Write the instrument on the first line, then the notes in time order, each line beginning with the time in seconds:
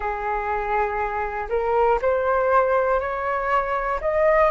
flute
0.00 G#4
1.49 A#4
2.01 C5
3.00 C#5
4.00 D#5